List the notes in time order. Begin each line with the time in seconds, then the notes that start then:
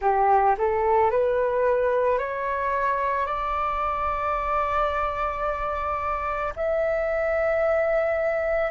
0.01 G4
0.58 A4
1.10 B4
2.18 C#5
3.25 D5
6.56 E5